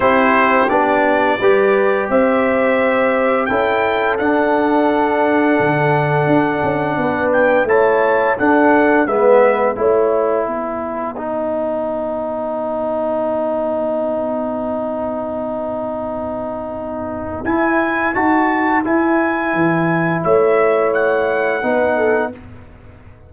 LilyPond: <<
  \new Staff \with { instrumentName = "trumpet" } { \time 4/4 \tempo 4 = 86 c''4 d''2 e''4~ | e''4 g''4 fis''2~ | fis''2~ fis''8 g''8 a''4 | fis''4 e''4 fis''2~ |
fis''1~ | fis''1~ | fis''4 gis''4 a''4 gis''4~ | gis''4 e''4 fis''2 | }
  \new Staff \with { instrumentName = "horn" } { \time 4/4 g'2 b'4 c''4~ | c''4 a'2.~ | a'2 b'4 cis''4 | a'4 b'4 cis''4 b'4~ |
b'1~ | b'1~ | b'1~ | b'4 cis''2 b'8 a'8 | }
  \new Staff \with { instrumentName = "trombone" } { \time 4/4 e'4 d'4 g'2~ | g'4 e'4 d'2~ | d'2. e'4 | d'4 b4 e'2 |
dis'1~ | dis'1~ | dis'4 e'4 fis'4 e'4~ | e'2. dis'4 | }
  \new Staff \with { instrumentName = "tuba" } { \time 4/4 c'4 b4 g4 c'4~ | c'4 cis'4 d'2 | d4 d'8 cis'8 b4 a4 | d'4 gis4 a4 b4~ |
b1~ | b1~ | b4 e'4 dis'4 e'4 | e4 a2 b4 | }
>>